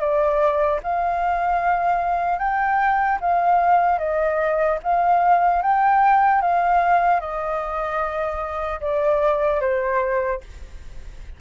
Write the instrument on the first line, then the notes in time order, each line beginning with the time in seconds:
flute
0.00 D5
0.83 F5
2.39 G5
3.21 F5
3.99 D#5
4.84 F5
5.63 G5
6.42 F5
7.21 D#5
8.81 D5
9.61 C5